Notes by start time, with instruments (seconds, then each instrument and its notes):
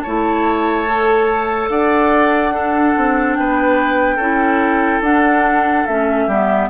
0.00 oboe C#5, flute A5
0.06 bassoon A3, clarinet E4
0.86 clarinet A4
1.69 bassoon D4, oboe D5, flute F#5
2.52 clarinet D4, oboe A4
2.96 bassoon C4
3.35 bassoon B3, oboe B4, flute G5
4.16 bassoon C#4, clarinet E4, oboe A4
5.01 bassoon D4, clarinet D4, flute F#5
5.86 bassoon A3, clarinet C#4, flute E5
6.27 bassoon G3, clarinet B3, oboe G4